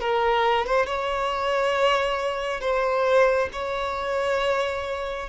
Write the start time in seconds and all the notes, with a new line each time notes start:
0.00 A#4
0.66 C5
0.86 C#5
2.60 C5
3.53 C#5